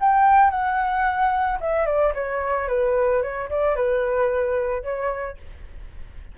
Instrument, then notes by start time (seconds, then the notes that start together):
flute
0.00 G5
0.50 F#5
1.60 E5
1.86 D5
2.14 C#5
2.68 B4
3.22 C#5
3.49 D5
3.75 B4
4.83 C#5